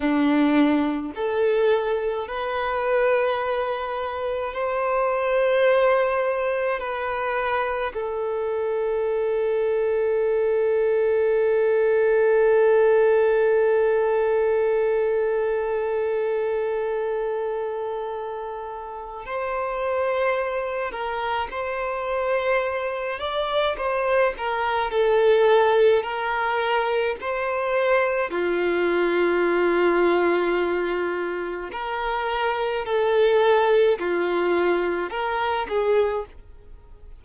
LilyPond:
\new Staff \with { instrumentName = "violin" } { \time 4/4 \tempo 4 = 53 d'4 a'4 b'2 | c''2 b'4 a'4~ | a'1~ | a'1~ |
a'4 c''4. ais'8 c''4~ | c''8 d''8 c''8 ais'8 a'4 ais'4 | c''4 f'2. | ais'4 a'4 f'4 ais'8 gis'8 | }